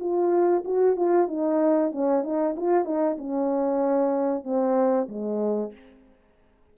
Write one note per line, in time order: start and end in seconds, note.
0.00 0.64 F4
0.65 0.96 F#4
0.96 1.28 F4
1.28 1.92 D#4
1.92 2.24 C#4
2.24 2.56 D#4
2.57 2.85 F4
2.85 3.17 D#4
3.18 4.44 C#4
4.44 5.08 C4
5.09 5.73 G#3